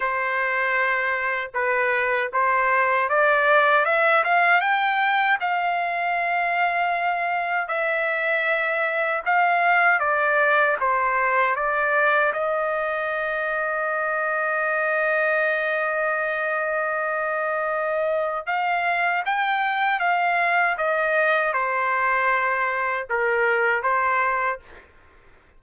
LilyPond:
\new Staff \with { instrumentName = "trumpet" } { \time 4/4 \tempo 4 = 78 c''2 b'4 c''4 | d''4 e''8 f''8 g''4 f''4~ | f''2 e''2 | f''4 d''4 c''4 d''4 |
dis''1~ | dis''1 | f''4 g''4 f''4 dis''4 | c''2 ais'4 c''4 | }